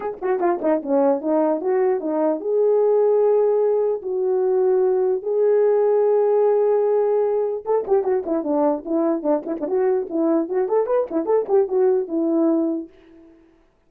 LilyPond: \new Staff \with { instrumentName = "horn" } { \time 4/4 \tempo 4 = 149 gis'8 fis'8 f'8 dis'8 cis'4 dis'4 | fis'4 dis'4 gis'2~ | gis'2 fis'2~ | fis'4 gis'2.~ |
gis'2. a'8 g'8 | fis'8 e'8 d'4 e'4 d'8 e'16 d'16 | fis'4 e'4 fis'8 a'8 b'8 e'8 | a'8 g'8 fis'4 e'2 | }